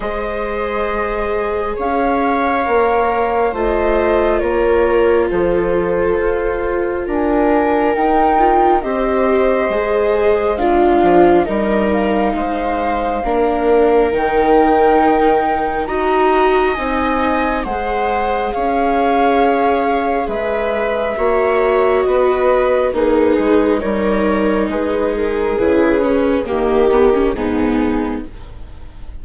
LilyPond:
<<
  \new Staff \with { instrumentName = "flute" } { \time 4/4 \tempo 4 = 68 dis''2 f''2 | dis''4 cis''4 c''2 | gis''4 g''4 dis''2 | f''4 dis''8 f''2~ f''8 |
g''2 ais''4 gis''4 | fis''4 f''2 e''4~ | e''4 dis''4 b'4 cis''4 | b'8 ais'8 b'4 ais'4 gis'4 | }
  \new Staff \with { instrumentName = "viola" } { \time 4/4 c''2 cis''2 | c''4 ais'4 a'2 | ais'2 c''2 | f'4 ais'4 c''4 ais'4~ |
ais'2 dis''2 | c''4 cis''2 b'4 | cis''4 b'4 dis'4 ais'4 | gis'2 g'4 dis'4 | }
  \new Staff \with { instrumentName = "viola" } { \time 4/4 gis'2. ais'4 | f'1~ | f'4 dis'8 f'8 g'4 gis'4 | d'4 dis'2 d'4 |
dis'2 fis'4 dis'4 | gis'1 | fis'2 gis'4 dis'4~ | dis'4 e'8 cis'8 ais8 b16 cis'16 b4 | }
  \new Staff \with { instrumentName = "bassoon" } { \time 4/4 gis2 cis'4 ais4 | a4 ais4 f4 f'4 | d'4 dis'4 c'4 gis4~ | gis8 f8 g4 gis4 ais4 |
dis2 dis'4 c'4 | gis4 cis'2 gis4 | ais4 b4 ais8 gis8 g4 | gis4 cis4 dis4 gis,4 | }
>>